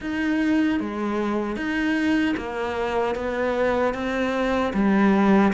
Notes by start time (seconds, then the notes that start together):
0.00 D#4
0.80 G#3
1.56 D#4
2.36 A#3
3.15 B3
3.93 C4
4.73 G3